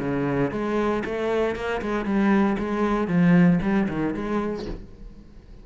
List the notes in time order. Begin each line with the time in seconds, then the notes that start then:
0.00 C#3
0.51 G#3
1.06 A3
1.56 A#3
1.82 G#3
2.05 G3
2.58 G#3
3.08 F3
3.62 G3
3.89 D#3
4.14 G#3